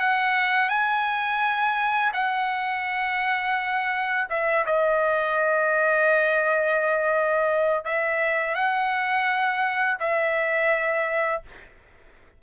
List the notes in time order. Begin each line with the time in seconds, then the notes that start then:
0.00 F#5
0.69 G#5
2.14 F#5
4.30 E5
4.67 D#5
7.85 E5
8.55 F#5
10.00 E5